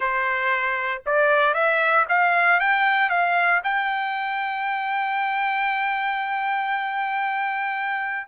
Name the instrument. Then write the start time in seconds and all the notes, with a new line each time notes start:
trumpet
0.00 C5
1.06 D5
1.54 E5
2.08 F5
2.60 G5
3.09 F5
3.63 G5